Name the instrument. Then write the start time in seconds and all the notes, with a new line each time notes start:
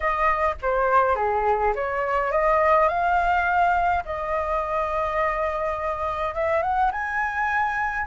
flute
0.00 D#5
0.62 C5
1.15 G#4
1.75 C#5
2.31 D#5
2.88 F5
4.05 D#5
6.34 E5
6.62 F#5
6.91 G#5